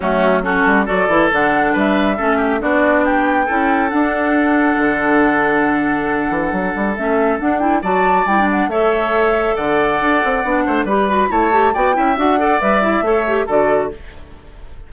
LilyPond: <<
  \new Staff \with { instrumentName = "flute" } { \time 4/4 \tempo 4 = 138 fis'4 a'4 d''4 fis''4 | e''2 d''4 g''4~ | g''4 fis''2.~ | fis''1 |
e''4 fis''8 g''8 a''4 g''8 fis''8 | e''2 fis''2~ | fis''4 b''4 a''4 g''4 | fis''4 e''2 d''4 | }
  \new Staff \with { instrumentName = "oboe" } { \time 4/4 cis'4 fis'4 a'2 | b'4 a'8 g'8 fis'4 g'4 | a'1~ | a'1~ |
a'2 d''2 | cis''2 d''2~ | d''8 c''8 b'4 cis''4 d''8 e''8~ | e''8 d''4. cis''4 a'4 | }
  \new Staff \with { instrumentName = "clarinet" } { \time 4/4 a4 cis'4 fis'8 e'8 d'4~ | d'4 cis'4 d'2 | e'4 d'2.~ | d'1 |
cis'4 d'8 e'8 fis'4 e'16 d'8. | a'1 | d'4 g'8 fis'8 e'8 g'8 fis'8 e'8 | fis'8 a'8 b'8 e'8 a'8 g'8 fis'4 | }
  \new Staff \with { instrumentName = "bassoon" } { \time 4/4 fis4. g8 fis8 e8 d4 | g4 a4 b2 | cis'4 d'2 d4~ | d2~ d8 e8 fis8 g8 |
a4 d'4 fis4 g4 | a2 d4 d'8 c'8 | b8 a8 g4 a4 b8 cis'8 | d'4 g4 a4 d4 | }
>>